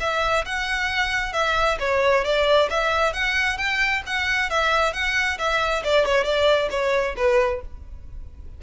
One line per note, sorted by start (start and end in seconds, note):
0.00 0.45 E5
0.45 1.33 F#5
1.33 1.78 E5
1.80 2.24 C#5
2.24 2.69 D5
2.70 3.13 E5
3.13 3.58 F#5
3.58 4.03 G5
4.06 4.50 F#5
4.50 4.93 E5
4.93 5.38 F#5
5.39 5.83 E5
5.84 6.05 D5
6.05 6.24 C#5
6.24 6.69 D5
6.70 7.15 C#5
7.16 7.61 B4